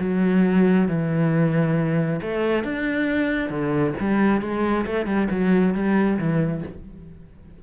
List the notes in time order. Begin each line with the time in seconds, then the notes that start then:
0.00 F#3
0.88 E3
2.22 A3
2.64 D4
3.50 D3
4.00 G3
4.42 G#3
4.86 A3
5.06 G3
5.31 F#3
5.75 G3
6.19 E3